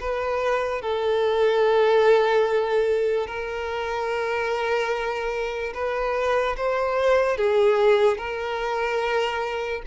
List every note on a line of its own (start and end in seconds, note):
0.00 0.81 B4
0.81 3.27 A4
3.27 5.73 A#4
5.74 6.56 B4
6.57 7.37 C5
7.37 8.17 G#4
8.17 9.82 A#4